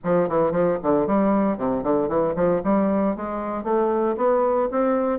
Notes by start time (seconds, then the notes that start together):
0.04 F3
0.29 E3
0.51 F3
0.83 D3
1.06 G3
1.57 C3
1.83 D3
2.08 E3
2.35 F3
2.63 G3
3.16 G#3
3.63 A3
4.16 B3
4.71 C4